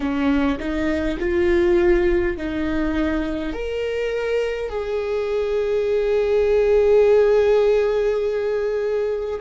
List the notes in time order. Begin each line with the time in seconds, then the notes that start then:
0.00 C#4
0.59 D#4
1.19 F4
2.37 D#4
3.53 A#4
4.69 G#4